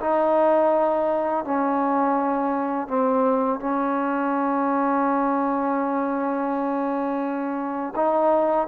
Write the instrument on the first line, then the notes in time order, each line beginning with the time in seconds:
trombone
0.00 D#4
1.44 C#4
2.88 C4
3.59 C#4
7.96 D#4